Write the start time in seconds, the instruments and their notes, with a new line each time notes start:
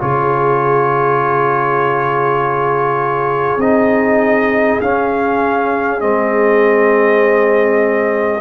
0.00 tuba C#3, trombone F4, horn G#4, trumpet C#5
3.57 tuba C4, trombone D#4, trumpet D#5
4.82 tuba C#4, trombone C#4, trumpet F5
6.00 tuba G#3, trombone C4, trumpet D#5